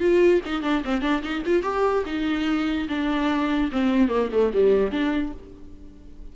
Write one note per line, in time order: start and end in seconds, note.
0.00 0.41 F4
0.46 0.63 D#4
0.63 0.83 D4
0.85 1.02 C4
1.02 1.22 D4
1.23 1.43 D#4
1.46 1.63 F4
1.63 2.04 G4
2.06 2.88 D#4
2.89 3.71 D4
3.72 4.09 C4
4.09 4.29 A#3
4.32 4.53 A3
4.54 4.92 G3
4.92 5.33 D4